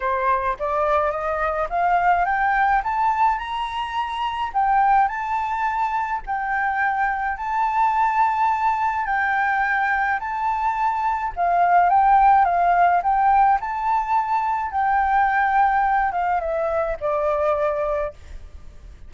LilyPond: \new Staff \with { instrumentName = "flute" } { \time 4/4 \tempo 4 = 106 c''4 d''4 dis''4 f''4 | g''4 a''4 ais''2 | g''4 a''2 g''4~ | g''4 a''2. |
g''2 a''2 | f''4 g''4 f''4 g''4 | a''2 g''2~ | g''8 f''8 e''4 d''2 | }